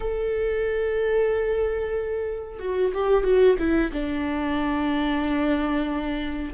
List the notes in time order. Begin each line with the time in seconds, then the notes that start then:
0.00 A4
2.59 F#4
2.93 G4
3.23 F#4
3.58 E4
3.92 D4